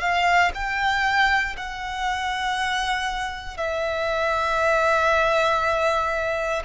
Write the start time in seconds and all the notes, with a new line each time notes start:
0.00 F5
0.55 G5
1.57 F#5
3.57 E5